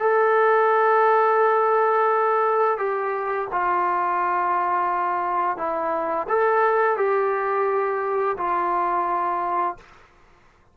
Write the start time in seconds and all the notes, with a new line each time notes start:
0.00 A4
2.78 G4
3.52 F4
5.58 E4
6.29 A4
6.97 G4
8.38 F4